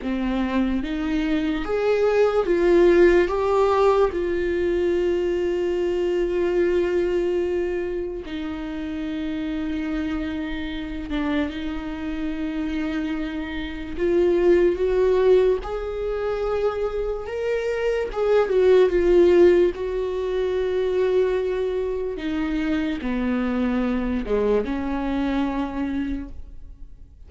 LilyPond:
\new Staff \with { instrumentName = "viola" } { \time 4/4 \tempo 4 = 73 c'4 dis'4 gis'4 f'4 | g'4 f'2.~ | f'2 dis'2~ | dis'4. d'8 dis'2~ |
dis'4 f'4 fis'4 gis'4~ | gis'4 ais'4 gis'8 fis'8 f'4 | fis'2. dis'4 | b4. gis8 cis'2 | }